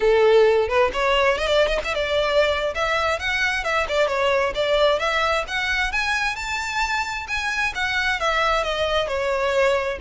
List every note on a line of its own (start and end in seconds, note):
0.00 0.68 A4
0.68 0.90 B4
0.93 1.38 C#5
1.38 1.46 D#5
1.46 1.67 D5
1.67 1.79 D#5
1.84 1.94 E5
1.94 2.74 D5
2.74 3.19 E5
3.19 3.64 F#5
3.64 3.86 E5
3.88 4.07 D5
4.07 4.53 C#5
4.55 4.99 D5
4.99 5.44 E5
5.47 5.92 F#5
5.92 6.35 G#5
6.35 7.26 A5
7.27 7.73 G#5
7.74 8.19 F#5
8.19 8.63 E5
8.63 9.07 D#5
9.07 9.98 C#5